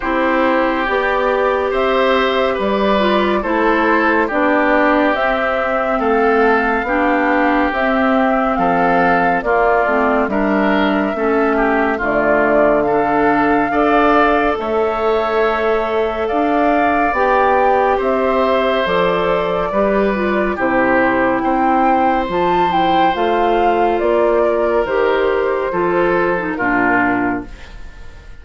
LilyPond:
<<
  \new Staff \with { instrumentName = "flute" } { \time 4/4 \tempo 4 = 70 c''4 d''4 e''4 d''4 | c''4 d''4 e''4 f''4~ | f''4 e''4 f''4 d''4 | e''2 d''4 f''4~ |
f''4 e''2 f''4 | g''4 e''4 d''2 | c''4 g''4 a''8 g''8 f''4 | d''4 c''2 ais'4 | }
  \new Staff \with { instrumentName = "oboe" } { \time 4/4 g'2 c''4 b'4 | a'4 g'2 a'4 | g'2 a'4 f'4 | ais'4 a'8 g'8 f'4 a'4 |
d''4 cis''2 d''4~ | d''4 c''2 b'4 | g'4 c''2.~ | c''8 ais'4. a'4 f'4 | }
  \new Staff \with { instrumentName = "clarinet" } { \time 4/4 e'4 g'2~ g'8 f'8 | e'4 d'4 c'2 | d'4 c'2 ais8 c'8 | d'4 cis'4 a4 d'4 |
a'1 | g'2 a'4 g'8 f'8 | e'2 f'8 e'8 f'4~ | f'4 g'4 f'8. dis'16 d'4 | }
  \new Staff \with { instrumentName = "bassoon" } { \time 4/4 c'4 b4 c'4 g4 | a4 b4 c'4 a4 | b4 c'4 f4 ais8 a8 | g4 a4 d2 |
d'4 a2 d'4 | b4 c'4 f4 g4 | c4 c'4 f4 a4 | ais4 dis4 f4 ais,4 | }
>>